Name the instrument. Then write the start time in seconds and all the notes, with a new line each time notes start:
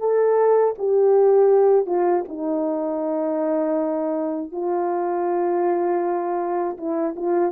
horn
0.00 A4
0.79 G4
1.86 F4
2.29 D#4
4.52 F4
6.78 E4
7.17 F4